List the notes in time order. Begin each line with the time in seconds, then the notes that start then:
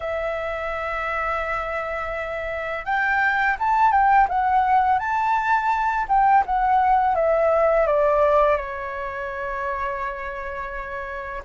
0.00 E5
2.85 G5
3.59 A5
3.91 G5
4.28 F#5
4.98 A5
6.08 G5
6.46 F#5
7.15 E5
7.86 D5
8.56 C#5